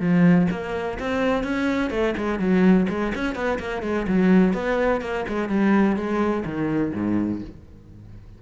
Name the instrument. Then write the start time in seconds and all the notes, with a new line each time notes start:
cello
0.00 F3
0.51 A#3
0.99 C4
1.44 C#4
1.90 A3
2.17 G#3
2.39 F#3
2.89 G#3
3.15 C#4
3.35 B3
3.59 A#3
3.83 G#3
4.08 F#3
4.53 B3
5.01 A#3
5.28 G#3
5.49 G3
5.96 G#3
6.45 D#3
6.94 G#2